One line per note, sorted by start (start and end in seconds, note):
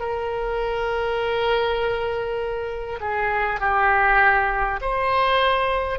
0.00 3.00 A#4
3.01 3.61 G#4
3.61 4.81 G4
4.81 5.99 C5